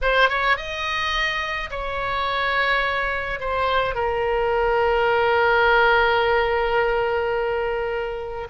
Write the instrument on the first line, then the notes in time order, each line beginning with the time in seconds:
oboe
0.01 C5
0.29 C#5
0.56 D#5
1.70 C#5
3.40 C5
3.94 A#4